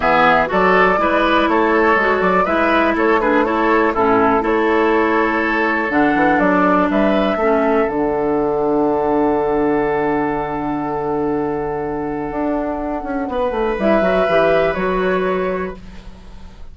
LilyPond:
<<
  \new Staff \with { instrumentName = "flute" } { \time 4/4 \tempo 4 = 122 e''4 d''2 cis''4~ | cis''8 d''8 e''4 cis''8 b'8 cis''4 | a'4 cis''2. | fis''4 d''4 e''2 |
fis''1~ | fis''1~ | fis''1 | e''2 cis''2 | }
  \new Staff \with { instrumentName = "oboe" } { \time 4/4 gis'4 a'4 b'4 a'4~ | a'4 b'4 a'8 gis'8 a'4 | e'4 a'2.~ | a'2 b'4 a'4~ |
a'1~ | a'1~ | a'2. b'4~ | b'1 | }
  \new Staff \with { instrumentName = "clarinet" } { \time 4/4 b4 fis'4 e'2 | fis'4 e'4. d'8 e'4 | cis'4 e'2. | d'2. cis'4 |
d'1~ | d'1~ | d'1 | e'8 fis'8 g'4 fis'2 | }
  \new Staff \with { instrumentName = "bassoon" } { \time 4/4 e4 fis4 gis4 a4 | gis8 fis8 gis4 a2 | a,4 a2. | d8 e8 fis4 g4 a4 |
d1~ | d1~ | d4 d'4. cis'8 b8 a8 | g8 fis8 e4 fis2 | }
>>